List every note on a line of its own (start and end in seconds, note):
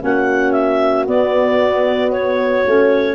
0.00 1.07 A#3
0.00 1.05 C#4
0.00 3.15 F#4
0.00 0.52 F#5
0.52 1.05 E5
1.07 2.64 B3
1.07 2.65 B3
1.07 2.12 D5
2.12 3.15 C#5
2.66 3.15 A3
2.66 3.15 C#4